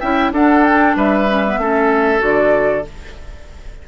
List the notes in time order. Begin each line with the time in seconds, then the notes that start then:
0.00 C#4 E4 E5 G5
0.32 D4 A4 F#5
0.64 G5
0.96 G3 B4 E5
1.29 C#4
1.46 B3
1.58 A3 C#4 A4
2.19 D3 F#4 D5